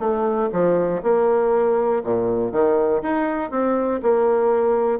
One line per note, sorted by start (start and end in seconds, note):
0.00 0.50 A3
0.53 1.03 F3
1.03 2.03 A#3
2.05 2.52 A#2
2.52 3.02 D#3
3.03 3.51 D#4
3.51 4.01 C4
4.03 5.00 A#3